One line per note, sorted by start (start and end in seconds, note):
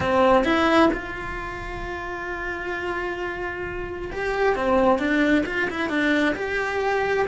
0.00 0.44 C4
0.44 0.89 E4
0.93 4.11 F4
4.12 4.55 G4
4.55 4.99 C4
4.99 5.44 D4
5.46 5.68 F4
5.69 5.89 E4
5.89 6.34 D4
6.35 7.26 G4